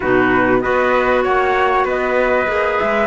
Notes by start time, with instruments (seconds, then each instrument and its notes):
0.00 cello B2, clarinet D#4, trumpet F#4, flute B4
0.60 cello B3, clarinet F#4, trumpet B4, flute D#5
1.23 cello A#3, trumpet C#5, flute F#5
1.84 cello B3, trumpet B4, flute D#5
2.47 cello A#3, clarinet G#4
2.78 cello G#3, flute E5